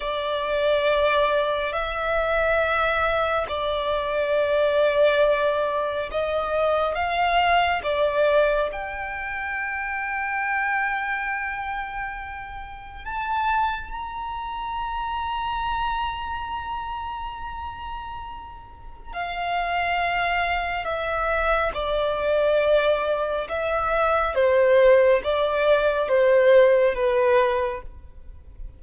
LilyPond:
\new Staff \with { instrumentName = "violin" } { \time 4/4 \tempo 4 = 69 d''2 e''2 | d''2. dis''4 | f''4 d''4 g''2~ | g''2. a''4 |
ais''1~ | ais''2 f''2 | e''4 d''2 e''4 | c''4 d''4 c''4 b'4 | }